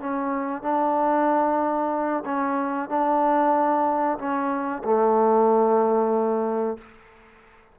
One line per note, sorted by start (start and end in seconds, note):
0.00 0.62 C#4
0.62 2.24 D4
2.25 2.89 C#4
2.89 4.18 D4
4.18 4.83 C#4
4.84 6.78 A3